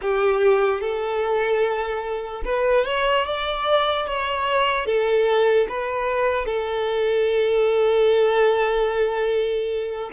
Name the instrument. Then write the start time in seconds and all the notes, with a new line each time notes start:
violin
0.01 G4
0.80 A4
2.44 B4
2.85 C#5
3.25 D5
4.07 C#5
4.86 A4
5.68 B4
6.45 A4